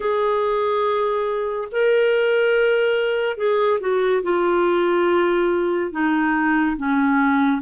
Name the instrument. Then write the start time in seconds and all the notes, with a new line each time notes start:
clarinet
0.00 G#4
1.71 A#4
3.36 G#4
3.80 F#4
4.23 F4
5.92 D#4
6.76 C#4